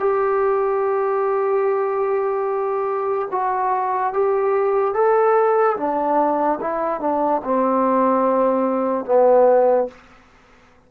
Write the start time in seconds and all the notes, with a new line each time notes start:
0.00 G4
3.32 F#4
4.14 G4
4.95 A4
5.77 D4
6.61 E4
7.01 D4
7.45 C4
9.06 B3